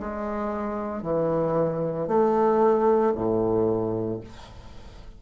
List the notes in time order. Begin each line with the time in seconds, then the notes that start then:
0.00 G#3
1.02 E3
2.08 A3
3.15 A2